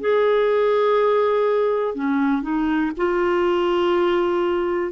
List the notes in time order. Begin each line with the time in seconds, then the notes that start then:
0.00 G#4
1.94 C#4
2.42 D#4
2.96 F4